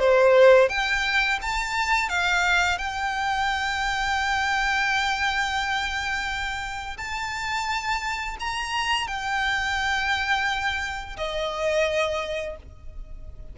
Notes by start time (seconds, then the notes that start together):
0.00 C5
0.69 G5
1.42 A5
2.10 F5
2.79 G5
6.98 A5
8.40 A#5
9.08 G5
11.17 D#5